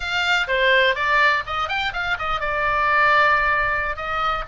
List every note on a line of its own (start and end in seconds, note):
0.00 0.47 F5
0.47 0.95 C5
0.95 1.43 D5
1.46 1.68 D#5
1.68 1.92 G5
1.93 2.17 F5
2.18 2.40 D#5
2.40 3.96 D5
3.96 4.44 D#5